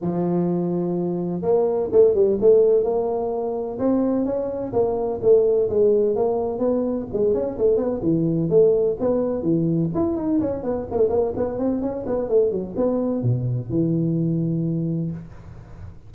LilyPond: \new Staff \with { instrumentName = "tuba" } { \time 4/4 \tempo 4 = 127 f2. ais4 | a8 g8 a4 ais2 | c'4 cis'4 ais4 a4 | gis4 ais4 b4 gis8 cis'8 |
a8 b8 e4 a4 b4 | e4 e'8 dis'8 cis'8 b8 ais16 a16 ais8 | b8 c'8 cis'8 b8 a8 fis8 b4 | b,4 e2. | }